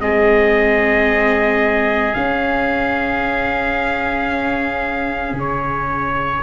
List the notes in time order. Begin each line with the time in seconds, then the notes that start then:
0.00 G#3 C4 G#4 D#5
2.14 C#4 F5
5.33 C#3
5.40 C#5